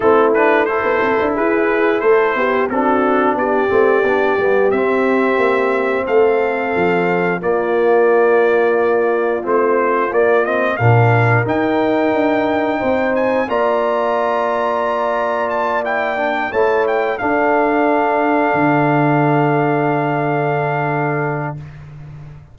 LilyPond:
<<
  \new Staff \with { instrumentName = "trumpet" } { \time 4/4 \tempo 4 = 89 a'8 b'8 c''4 b'4 c''4 | a'4 d''2 e''4~ | e''4 f''2 d''4~ | d''2 c''4 d''8 dis''8 |
f''4 g''2~ g''8 gis''8 | ais''2. a''8 g''8~ | g''8 a''8 g''8 f''2~ f''8~ | f''1 | }
  \new Staff \with { instrumentName = "horn" } { \time 4/4 e'4 a'4 gis'4 a'8 g'8 | fis'4 g'2.~ | g'4 a'2 f'4~ | f'1 |
ais'2. c''4 | d''1~ | d''8 cis''4 a'2~ a'8~ | a'1 | }
  \new Staff \with { instrumentName = "trombone" } { \time 4/4 c'8 d'8 e'2. | d'4. c'8 d'8 b8 c'4~ | c'2. ais4~ | ais2 c'4 ais8 c'8 |
d'4 dis'2. | f'2.~ f'8 e'8 | d'8 e'4 d'2~ d'8~ | d'1 | }
  \new Staff \with { instrumentName = "tuba" } { \time 4/4 a4~ a16 b16 c'16 d'16 e'4 a8 b8 | c'4 b8 a8 b8 g8 c'4 | ais4 a4 f4 ais4~ | ais2 a4 ais4 |
ais,4 dis'4 d'4 c'4 | ais1~ | ais8 a4 d'2 d8~ | d1 | }
>>